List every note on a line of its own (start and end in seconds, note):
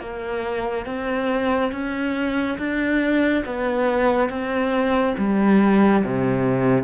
0.00 0.86 A#3
0.86 1.71 C4
1.72 2.58 C#4
2.58 3.44 D4
3.45 4.29 B3
4.29 5.15 C4
5.18 6.04 G3
6.04 6.83 C3